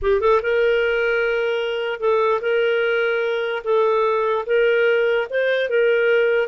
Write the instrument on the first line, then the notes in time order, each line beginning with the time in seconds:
clarinet
0.02 G4
0.20 A4
0.42 A#4
2.00 A4
2.41 A#4
3.64 A4
4.46 A#4
5.30 C5
5.69 A#4